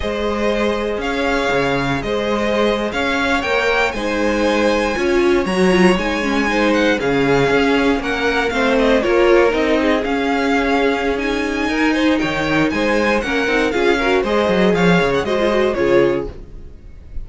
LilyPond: <<
  \new Staff \with { instrumentName = "violin" } { \time 4/4 \tempo 4 = 118 dis''2 f''2 | dis''4.~ dis''16 f''4 g''4 gis''16~ | gis''2~ gis''8. ais''4 gis''16~ | gis''4~ gis''16 fis''8 f''2 fis''16~ |
fis''8. f''8 dis''8 cis''4 dis''4 f''16~ | f''2 gis''2 | g''4 gis''4 fis''4 f''4 | dis''4 f''8. fis''16 dis''4 cis''4 | }
  \new Staff \with { instrumentName = "violin" } { \time 4/4 c''2 cis''2 | c''4.~ c''16 cis''2 c''16~ | c''4.~ c''16 cis''2~ cis''16~ | cis''8. c''4 gis'2 ais'16~ |
ais'8. c''4 ais'4. gis'8.~ | gis'2. ais'8 c''8 | cis''4 c''4 ais'4 gis'8 ais'8 | c''4 cis''4 c''4 gis'4 | }
  \new Staff \with { instrumentName = "viola" } { \time 4/4 gis'1~ | gis'2~ gis'8. ais'4 dis'16~ | dis'4.~ dis'16 f'4 fis'8 f'8 dis'16~ | dis'16 cis'8 dis'4 cis'2~ cis'16~ |
cis'8. c'4 f'4 dis'4 cis'16~ | cis'2 dis'2~ | dis'2 cis'8 dis'8 f'8 fis'8 | gis'2 fis'16 f'16 fis'8 f'4 | }
  \new Staff \with { instrumentName = "cello" } { \time 4/4 gis2 cis'4 cis4 | gis4.~ gis16 cis'4 ais4 gis16~ | gis4.~ gis16 cis'4 fis4 gis16~ | gis4.~ gis16 cis4 cis'4 ais16~ |
ais8. a4 ais4 c'4 cis'16~ | cis'2. dis'4 | dis4 gis4 ais8 c'8 cis'4 | gis8 fis8 f8 cis8 gis4 cis4 | }
>>